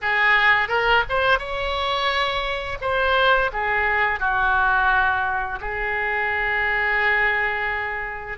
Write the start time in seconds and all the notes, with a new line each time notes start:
0.01 G#4
0.68 A#4
1.09 C5
1.38 C#5
2.81 C5
3.52 G#4
4.19 F#4
5.60 G#4